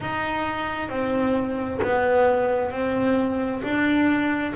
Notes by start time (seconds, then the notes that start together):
0.00 D#4
0.89 C4
1.81 B3
2.71 C4
3.63 D4